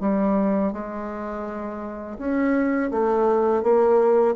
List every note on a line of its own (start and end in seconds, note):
0.00 0.72 G3
0.72 2.17 G#3
2.18 2.90 C#4
2.91 3.63 A3
3.63 4.35 A#3